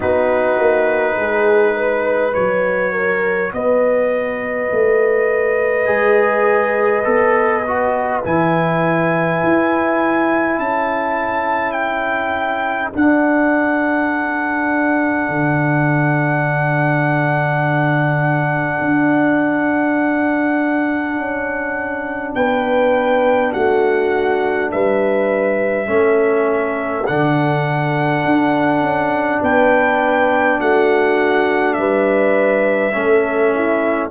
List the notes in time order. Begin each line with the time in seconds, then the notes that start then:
0.00 B3 D#4 F#4 B4
0.58 A#3
1.17 G#3 G#4
1.75 B4
2.32 F#3 F#4 C#5
2.92 A#4
3.52 B3 B4 D#5
4.71 A3
5.85 G#3 G#4
7.04 B3 A4
7.67 F#4
8.23 E3 E4 G#5
9.43 E4
10.58 C#4 A4 A5
11.72 G5
12.94 D4 F#5
15.29 D3
18.80 D4
21.15 C#4
22.35 B3 B4 G5
23.52 A3 F#4 F#5
24.71 G3 B4 E5
25.86 A3 C#4 A4
27.06 D3 D4 F#5
28.25 D4
28.80 C#4
29.41 B3 B4 G5
30.60 A3 F#4 F#5
31.73 G3 B4 E5
32.92 A3 C#4 A4
33.54 E4